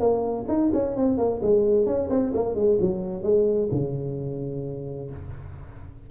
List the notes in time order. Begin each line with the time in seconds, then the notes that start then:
0.00 A#3
0.48 D#4
0.74 C#4
0.97 C4
1.18 A#3
1.42 G#3
1.86 C#4
2.10 C4
2.35 A#3
2.55 G#3
2.81 F#3
3.23 G#3
3.72 C#3